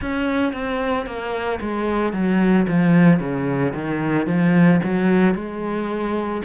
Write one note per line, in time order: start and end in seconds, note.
0.01 0.53 C#4
0.53 1.06 C4
1.06 1.59 A#3
1.61 2.12 G#3
2.12 2.66 F#3
2.68 3.19 F3
3.19 3.73 C#3
3.74 4.26 D#3
4.26 4.80 F3
4.83 5.34 F#3
5.34 6.41 G#3